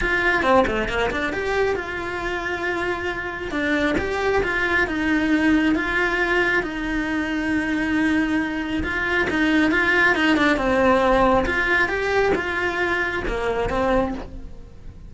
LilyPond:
\new Staff \with { instrumentName = "cello" } { \time 4/4 \tempo 4 = 136 f'4 c'8 a8 ais8 d'8 g'4 | f'1 | d'4 g'4 f'4 dis'4~ | dis'4 f'2 dis'4~ |
dis'1 | f'4 dis'4 f'4 dis'8 d'8 | c'2 f'4 g'4 | f'2 ais4 c'4 | }